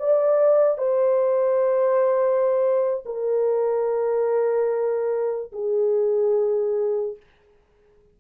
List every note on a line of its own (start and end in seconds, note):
0.00 0.78 D5
0.78 3.04 C5
3.06 5.53 A#4
5.53 7.17 G#4